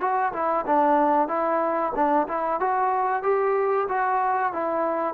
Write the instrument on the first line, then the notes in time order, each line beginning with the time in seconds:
trombone
0.00 F#4
0.33 E4
0.66 D4
1.28 E4
1.95 D4
2.28 E4
2.60 F#4
3.23 G4
3.88 F#4
4.52 E4